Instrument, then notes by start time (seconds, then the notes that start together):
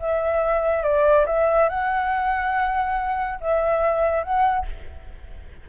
flute
0.00 E5
0.83 D5
1.26 E5
1.69 F#5
3.41 E5
4.23 F#5